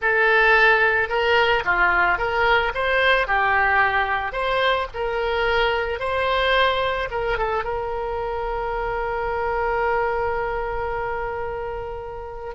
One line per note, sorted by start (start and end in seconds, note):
0.01 1.09 A4
1.09 1.63 A#4
1.64 2.17 F4
2.17 2.72 A#4
2.74 3.27 C5
3.27 4.32 G4
4.32 4.86 C5
4.94 5.99 A#4
5.99 7.08 C5
7.11 7.38 A#4
7.38 7.64 A4
7.64 12.54 A#4